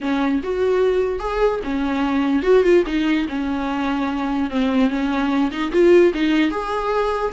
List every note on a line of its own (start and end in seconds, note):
0.01 0.41 C#4
0.43 1.19 F#4
1.19 1.60 G#4
1.63 2.42 C#4
2.42 2.63 F#4
2.63 2.83 F4
2.86 3.27 D#4
3.28 4.50 C#4
4.50 4.89 C4
4.89 5.50 C#4
5.51 5.71 D#4
5.71 6.12 F4
6.13 6.50 D#4
6.50 7.32 G#4